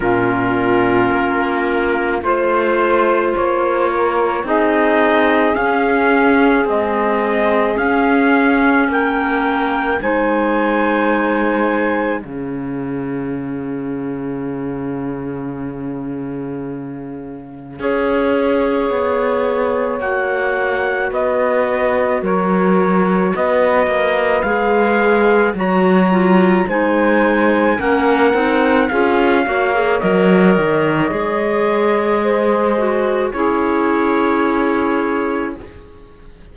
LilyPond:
<<
  \new Staff \with { instrumentName = "trumpet" } { \time 4/4 \tempo 4 = 54 ais'2 c''4 cis''4 | dis''4 f''4 dis''4 f''4 | g''4 gis''2 f''4~ | f''1~ |
f''2 fis''4 dis''4 | cis''4 dis''4 f''4 ais''4 | gis''4 fis''4 f''4 dis''4~ | dis''2 cis''2 | }
  \new Staff \with { instrumentName = "saxophone" } { \time 4/4 f'2 c''4. ais'8 | gis'1 | ais'4 c''2 gis'4~ | gis'1 |
cis''2. b'4 | ais'4 b'2 cis''4 | c''4 ais'4 gis'8 cis''4.~ | cis''4 c''4 gis'2 | }
  \new Staff \with { instrumentName = "clarinet" } { \time 4/4 cis'2 f'2 | dis'4 cis'4 gis4 cis'4~ | cis'4 dis'2 cis'4~ | cis'1 |
gis'2 fis'2~ | fis'2 gis'4 fis'8 f'8 | dis'4 cis'8 dis'8 f'8 fis'16 gis'16 ais'4 | gis'4. fis'8 e'2 | }
  \new Staff \with { instrumentName = "cello" } { \time 4/4 ais,4 ais4 a4 ais4 | c'4 cis'4 c'4 cis'4 | ais4 gis2 cis4~ | cis1 |
cis'4 b4 ais4 b4 | fis4 b8 ais8 gis4 fis4 | gis4 ais8 c'8 cis'8 ais8 fis8 dis8 | gis2 cis'2 | }
>>